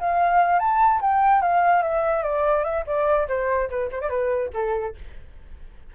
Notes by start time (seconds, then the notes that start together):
0.00 F5
0.59 A5
1.02 G5
1.42 F5
1.83 E5
2.23 D5
2.64 E5
2.86 D5
3.28 C5
3.70 B4
3.92 C5
4.01 D5
4.09 B4
4.54 A4